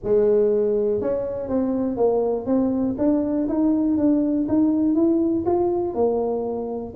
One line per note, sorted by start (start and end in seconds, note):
0.03 1.01 G#3
1.01 1.49 C#4
1.49 1.97 C4
1.97 2.45 A#3
2.45 2.95 C4
2.98 3.47 D4
3.48 3.97 D#4
3.97 4.47 D4
4.48 4.95 D#4
4.95 5.44 E4
5.45 5.94 F4
5.94 6.93 A#3